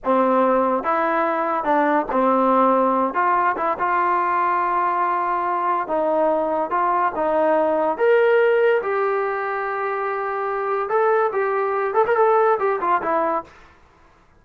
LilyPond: \new Staff \with { instrumentName = "trombone" } { \time 4/4 \tempo 4 = 143 c'2 e'2 | d'4 c'2~ c'8 f'8~ | f'8 e'8 f'2.~ | f'2 dis'2 |
f'4 dis'2 ais'4~ | ais'4 g'2.~ | g'2 a'4 g'4~ | g'8 a'16 ais'16 a'4 g'8 f'8 e'4 | }